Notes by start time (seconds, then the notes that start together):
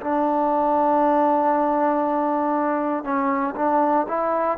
0.00 D4
3.04 C#4
3.55 D4
4.08 E4